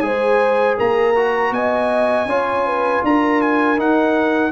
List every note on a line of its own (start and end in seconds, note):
0.00 0.77 G#3
0.00 1.15 G#4
0.00 0.77 C5
0.00 0.75 G#5
0.77 1.51 A#3
0.77 1.52 A#4
0.77 1.54 A#5
1.15 2.28 F#4
1.51 2.25 B3
1.51 2.29 D#5
1.51 3.04 G#5
2.25 3.00 C#4
2.25 3.78 F4
2.25 2.67 C#5
2.67 3.04 B4
3.04 3.78 D4
3.04 4.52 A#4
3.04 3.42 A#5
3.42 3.79 G#5
3.78 4.52 D#4
3.78 4.52 F#5